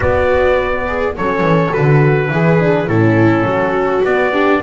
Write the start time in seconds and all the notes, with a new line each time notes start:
0.00 B3 F#4 D5
0.87 G#4
1.16 F#3 C#4 A4 C#5
1.41 E3
1.71 D3 F#4 B4
2.29 E3 E4 G#4
2.59 D4
2.87 A2 C#4 E4 A4
3.44 F#3 F#4
4.04 B3 D5
4.31 D4 G4